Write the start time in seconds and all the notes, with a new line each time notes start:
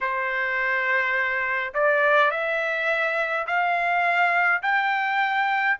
0.00 C5
1.74 D5
2.31 E5
3.46 F5
4.62 G5